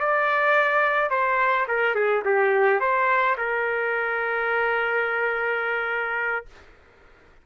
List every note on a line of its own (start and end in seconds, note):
0.00 1.11 D5
1.11 1.67 C5
1.68 1.95 A#4
1.95 2.23 G#4
2.25 2.80 G4
2.80 3.36 C5
3.38 6.46 A#4